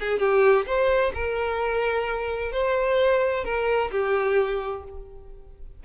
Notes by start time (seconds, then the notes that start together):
0.00 G#4
0.19 G4
0.66 C5
1.14 A#4
2.52 C5
3.44 A#4
3.91 G4